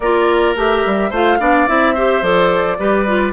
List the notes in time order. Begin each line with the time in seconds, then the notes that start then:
0.00 A#3 F4 A#4 D5
0.56 A3 G4 E5
0.85 G3
1.09 A3 F4 C5 F5
1.39 B3 D4 D5
1.67 C4 E4 E5
1.94 G4 C5
2.22 F3 A4 D5
2.78 G3 G4 B4
3.06 F4